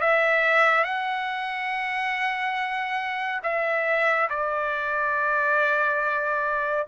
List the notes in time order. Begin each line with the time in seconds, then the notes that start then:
0.00 E5
0.83 F#5
3.43 E5
4.29 D5